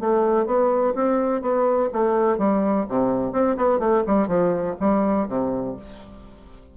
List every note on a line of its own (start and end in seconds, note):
0.00 0.46 A3
0.46 0.94 B3
0.94 1.41 C4
1.41 1.89 B3
1.93 2.38 A3
2.38 2.86 G3
2.89 3.32 C3
3.32 3.56 C4
3.57 3.79 B3
3.79 4.03 A3
4.06 4.27 G3
4.27 4.75 F3
4.80 5.28 G3
5.28 5.76 C3